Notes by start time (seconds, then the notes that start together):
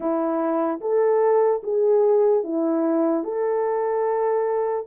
0.00 E4
0.80 A4
1.63 G#4
2.43 E4
3.24 A4